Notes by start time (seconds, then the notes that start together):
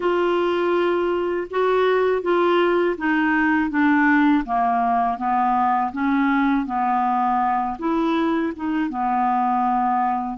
0.00 F4
1.50 F#4
2.22 F4
2.97 D#4
3.69 D4
4.45 A#3
5.17 B3
5.92 C#4
6.66 B3
7.78 E4
8.56 D#4
8.89 B3